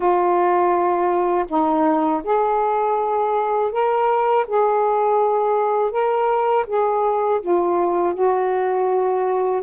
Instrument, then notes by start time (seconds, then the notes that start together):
saxophone
0.00 F4
1.48 D#4
2.23 G#4
3.71 A#4
4.46 G#4
5.91 A#4
6.67 G#4
7.41 F4
8.14 F#4